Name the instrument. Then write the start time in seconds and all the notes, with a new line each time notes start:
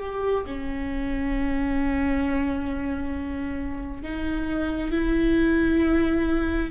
viola
0.00 G4
0.46 C#4
4.03 D#4
4.92 E4